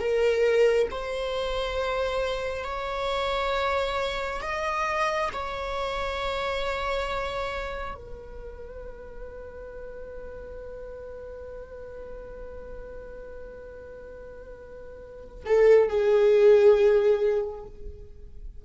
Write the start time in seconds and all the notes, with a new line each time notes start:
0.00 A#4
0.91 C5
2.65 C#5
4.42 D#5
5.33 C#5
7.95 B4
15.46 A4
15.89 G#4